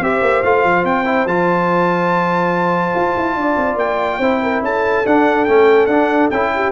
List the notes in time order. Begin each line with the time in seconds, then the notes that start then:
0.00 C4 G4 C5 E5
0.22 A#3
0.43 A3 F4 F5
0.64 F3
0.85 C4 G5
1.05 E4
1.26 F3 F4 A5
2.95 F4
3.17 E4
3.36 D4 D5
3.58 C4
3.76 A#3 G5
4.19 C4 E4 C5
4.43 A#4
4.62 C#4 A4 A5
5.06 D4 F#5
5.45 A3 C#4 G5
5.87 D4 F#5
6.31 C#4 E4 G5
6.56 G4